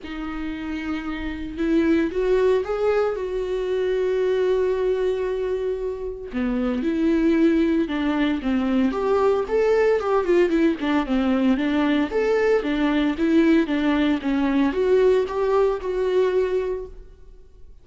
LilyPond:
\new Staff \with { instrumentName = "viola" } { \time 4/4 \tempo 4 = 114 dis'2. e'4 | fis'4 gis'4 fis'2~ | fis'1 | b4 e'2 d'4 |
c'4 g'4 a'4 g'8 f'8 | e'8 d'8 c'4 d'4 a'4 | d'4 e'4 d'4 cis'4 | fis'4 g'4 fis'2 | }